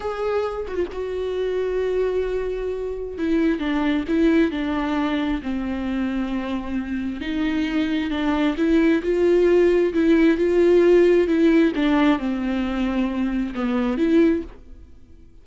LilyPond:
\new Staff \with { instrumentName = "viola" } { \time 4/4 \tempo 4 = 133 gis'4. fis'16 f'16 fis'2~ | fis'2. e'4 | d'4 e'4 d'2 | c'1 |
dis'2 d'4 e'4 | f'2 e'4 f'4~ | f'4 e'4 d'4 c'4~ | c'2 b4 e'4 | }